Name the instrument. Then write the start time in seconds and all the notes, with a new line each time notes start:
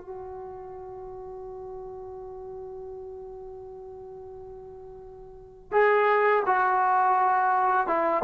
trombone
0.00 F#4
5.71 G#4
6.46 F#4
7.87 E4